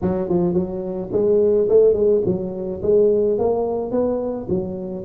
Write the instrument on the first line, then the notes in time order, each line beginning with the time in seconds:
tuba
0.01 F#3
0.28 F3
0.53 F#3
1.11 G#3
1.68 A3
1.93 G#3
2.25 F#3
2.82 G#3
3.38 A#3
3.91 B3
4.49 F#3